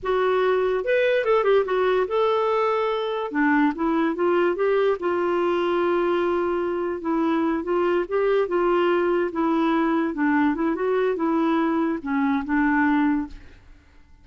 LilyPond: \new Staff \with { instrumentName = "clarinet" } { \time 4/4 \tempo 4 = 145 fis'2 b'4 a'8 g'8 | fis'4 a'2. | d'4 e'4 f'4 g'4 | f'1~ |
f'4 e'4. f'4 g'8~ | g'8 f'2 e'4.~ | e'8 d'4 e'8 fis'4 e'4~ | e'4 cis'4 d'2 | }